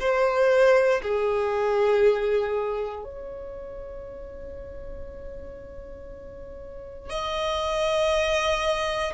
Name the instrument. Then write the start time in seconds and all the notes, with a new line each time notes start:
violin
0.00 C5
1.03 G#4
3.04 C#5
7.10 D#5